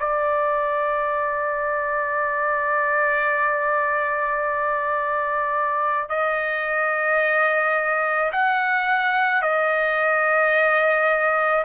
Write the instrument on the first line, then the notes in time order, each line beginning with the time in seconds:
trumpet
0.00 D5
6.10 D#5
8.33 F#5
9.42 D#5